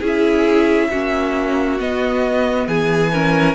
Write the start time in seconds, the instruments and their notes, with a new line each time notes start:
0.00 cello C#4, viola E4, violin G#4
0.07 violin E5
0.90 cello A#3, viola C#4, violin F#4
1.79 viola B3, cello B3, violin D#5
2.68 cello E3, violin G#4 G#5
3.12 viola C#4, violin A#4